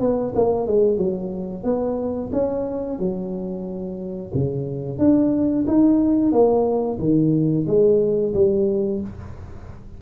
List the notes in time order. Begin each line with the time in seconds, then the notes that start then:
0.00 B3
0.35 A#3
0.67 G#3
0.98 F#3
1.64 B3
2.32 C#4
2.99 F#3
4.34 C#3
4.98 D4
5.68 D#4
6.32 A#3
7.00 D#3
7.67 G#3
8.35 G3